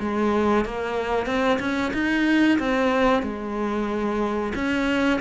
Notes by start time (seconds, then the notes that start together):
0.00 G#3
0.65 A#3
1.26 C4
1.59 C#4
1.93 D#4
2.59 C4
3.22 G#3
4.55 C#4